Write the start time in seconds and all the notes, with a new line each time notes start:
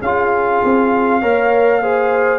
0.00 C#4 F4 G#4 F5
0.64 C4
1.20 A#3 A#4 C#5
1.81 G#4 C5